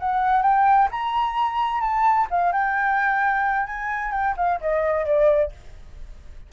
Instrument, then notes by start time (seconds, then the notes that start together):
flute
0.00 F#5
0.43 G5
0.91 A#5
1.81 A5
2.31 F5
2.53 G5
3.67 G#5
4.12 G5
4.37 F5
4.61 D#5
5.06 D5